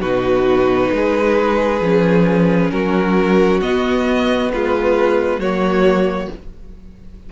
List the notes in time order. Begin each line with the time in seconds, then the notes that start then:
0.00 B2 D#4 F#4 B4
0.92 G#3 G#4
1.80 F3 C#4
2.71 F#3 F#4 A#4
3.62 B3 D#5
4.52 G#3 F4 B4
5.38 F#3 A#3 F#4 C#5